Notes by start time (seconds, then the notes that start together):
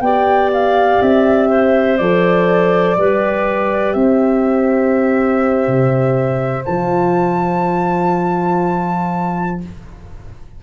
0.00 B3 G4 D5 G5
0.53 F5
1.01 C4 E5
1.48 C5
1.97 F3 A4 D5
2.97 G3 G4 B4
3.93 C4 C5 E5
5.67 C3
6.65 F3 F4 A5